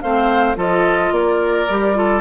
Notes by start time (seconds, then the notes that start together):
0.00 A3 C4 C5 F5
0.56 F3 F4 A4 D#5
1.11 A#3 A#4 D5
1.69 G3 G4
1.94 F4 A4